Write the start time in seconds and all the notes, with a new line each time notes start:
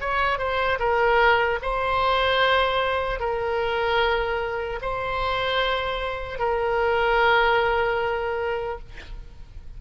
0.00 C#5
0.38 C5
0.79 A#4
1.61 C5
3.19 A#4
4.81 C5
6.38 A#4